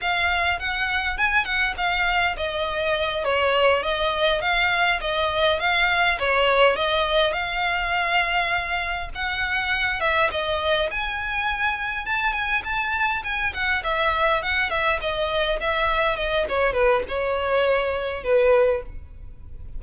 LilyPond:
\new Staff \with { instrumentName = "violin" } { \time 4/4 \tempo 4 = 102 f''4 fis''4 gis''8 fis''8 f''4 | dis''4. cis''4 dis''4 f''8~ | f''8 dis''4 f''4 cis''4 dis''8~ | dis''8 f''2. fis''8~ |
fis''4 e''8 dis''4 gis''4.~ | gis''8 a''8 gis''8 a''4 gis''8 fis''8 e''8~ | e''8 fis''8 e''8 dis''4 e''4 dis''8 | cis''8 b'8 cis''2 b'4 | }